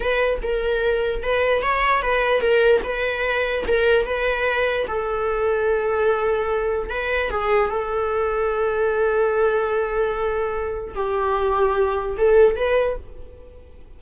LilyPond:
\new Staff \with { instrumentName = "viola" } { \time 4/4 \tempo 4 = 148 b'4 ais'2 b'4 | cis''4 b'4 ais'4 b'4~ | b'4 ais'4 b'2 | a'1~ |
a'4 b'4 gis'4 a'4~ | a'1~ | a'2. g'4~ | g'2 a'4 b'4 | }